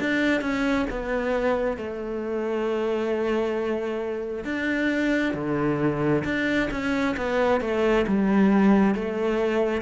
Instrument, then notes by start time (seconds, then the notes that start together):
cello
0.00 D4
0.41 C#4
0.90 B3
1.77 A3
4.44 D4
5.34 D3
6.24 D4
6.71 C#4
7.17 B3
7.60 A3
8.07 G3
8.95 A3